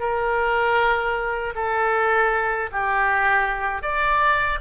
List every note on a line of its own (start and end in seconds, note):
0.00 1.54 A#4
1.55 2.70 A4
2.72 3.82 G4
3.82 4.59 D5